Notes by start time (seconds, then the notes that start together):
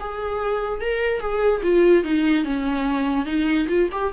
0.00 G#4
0.81 A#4
1.20 G#4
1.63 F4
2.04 D#4
2.45 C#4
3.26 D#4
3.69 F4
3.92 G4